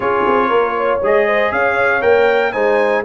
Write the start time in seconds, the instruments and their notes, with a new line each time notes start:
0.00 tuba C#4, trombone F4, horn G#4, trumpet C#5
0.27 tuba C4
0.48 tuba A#3, horn A#4
0.76 horn C#5
1.01 tuba G#3, trombone G#4, trumpet D#5
1.27 horn C5
1.51 tuba C#4, horn C#5, trumpet F5
2.01 tuba A#3, trombone A#4, trumpet G5
2.52 tuba G#3, trombone D#4, horn C5, trumpet G#5